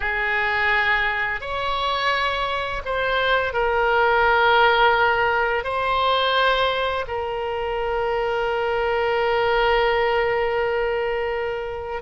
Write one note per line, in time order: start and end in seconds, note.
0.00 1.41 G#4
1.41 2.82 C#5
2.85 3.53 C5
3.53 5.64 A#4
5.64 7.05 C5
7.07 12.02 A#4